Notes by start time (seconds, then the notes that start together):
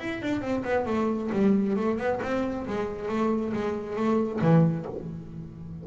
0.00 E4
0.22 D4
0.42 C4
0.64 B3
0.86 A3
1.32 G3
1.76 A3
1.98 B3
2.23 C4
2.67 G#3
3.09 A3
3.54 G#3
3.96 A3
4.42 E3